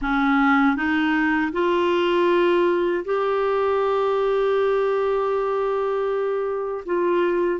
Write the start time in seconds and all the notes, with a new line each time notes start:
0.01 C#4
0.76 D#4
1.52 F4
3.04 G4
6.85 F4